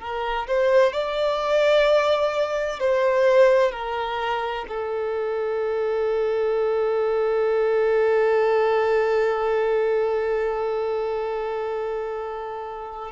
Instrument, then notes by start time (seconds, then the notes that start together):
violin
0.00 A#4
0.47 C5
0.92 D5
2.79 C5
3.71 A#4
4.67 A4